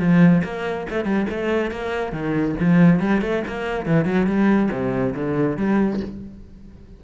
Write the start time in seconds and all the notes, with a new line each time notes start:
0.00 F3
0.44 A#3
0.90 A3
1.05 G3
1.31 A3
1.71 A#3
2.13 D#3
2.60 F3
3.00 G3
3.22 A3
3.48 A#3
3.86 E3
4.06 F#3
4.27 G3
4.72 C3
5.15 D3
5.58 G3